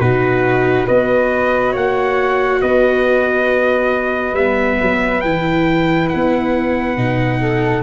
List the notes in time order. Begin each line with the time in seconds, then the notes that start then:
0.00 B2 D#4 F#4 B4
0.86 B3 F#4 B4 D#5
1.72 A#3 C#5 F#5
2.61 B3 B4 D#5
4.34 G3 B3 E5
4.82 F#3
5.21 E3 E4 G5
6.09 B3 F#5
6.97 B2 D#4
7.41 A4